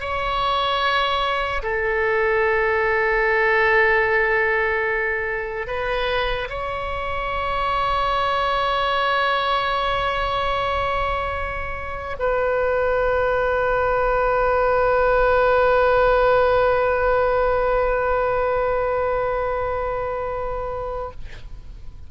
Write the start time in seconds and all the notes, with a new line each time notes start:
0.00 C#5
1.63 A4
5.67 B4
6.49 C#5
12.19 B4